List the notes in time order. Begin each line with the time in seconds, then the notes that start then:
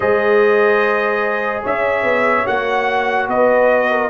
0.00 G#3 G#4 C5 D#5
1.62 C#4 C#5 E5
2.03 B3
2.45 A#3 F#4 F#5
3.28 B3 B4 D#5
3.90 A#4